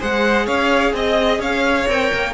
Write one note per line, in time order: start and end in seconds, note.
0.00 0.47 G#3
0.00 1.87 G#4
0.00 0.46 C5
0.00 0.47 F#5
0.46 0.93 C#4
0.46 0.93 C#5
0.46 0.94 F5
0.93 1.39 C4
0.93 1.40 D#5
0.93 1.42 D#5
1.39 1.86 C#4
1.39 2.34 C#5
1.39 1.89 F5
1.87 2.11 C4
1.87 2.34 A#4
1.87 2.34 G5
2.14 2.34 A#3